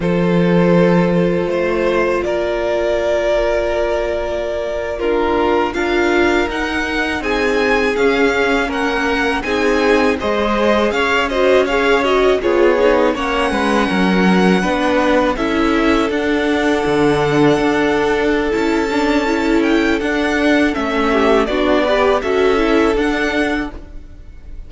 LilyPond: <<
  \new Staff \with { instrumentName = "violin" } { \time 4/4 \tempo 4 = 81 c''2. d''4~ | d''2~ d''8. ais'4 f''16~ | f''8. fis''4 gis''4 f''4 fis''16~ | fis''8. gis''4 dis''4 f''8 dis''8 f''16~ |
f''16 dis''8 cis''4 fis''2~ fis''16~ | fis''8. e''4 fis''2~ fis''16~ | fis''4 a''4. g''8 fis''4 | e''4 d''4 e''4 fis''4 | }
  \new Staff \with { instrumentName = "violin" } { \time 4/4 a'2 c''4 ais'4~ | ais'2~ ais'8. f'4 ais'16~ | ais'4.~ ais'16 gis'2 ais'16~ | ais'8. gis'4 c''4 cis''8 c''8 cis''16~ |
cis''8. gis'4 cis''8 b'8 ais'4 b'16~ | b'8. a'2.~ a'16~ | a'1~ | a'8 g'8 fis'8 b'8 a'2 | }
  \new Staff \with { instrumentName = "viola" } { \time 4/4 f'1~ | f'2~ f'8. d'4 f'16~ | f'8. dis'2 cis'4~ cis'16~ | cis'8. dis'4 gis'4. fis'8 gis'16~ |
gis'16 fis'8 f'8 dis'8 cis'2 d'16~ | d'8. e'4 d'2~ d'16~ | d'4 e'8 d'8 e'4 d'4 | cis'4 d'8 g'8 fis'8 e'8 d'4 | }
  \new Staff \with { instrumentName = "cello" } { \time 4/4 f2 a4 ais4~ | ais2.~ ais8. d'16~ | d'8. dis'4 c'4 cis'4 ais16~ | ais8. c'4 gis4 cis'4~ cis'16~ |
cis'8. b4 ais8 gis8 fis4 b16~ | b8. cis'4 d'4 d4 d'16~ | d'4 cis'2 d'4 | a4 b4 cis'4 d'4 | }
>>